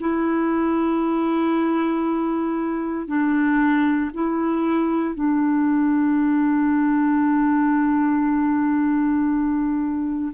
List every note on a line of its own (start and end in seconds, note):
0.00 3.07 E4
3.07 4.11 D4
4.13 5.14 E4
5.14 10.32 D4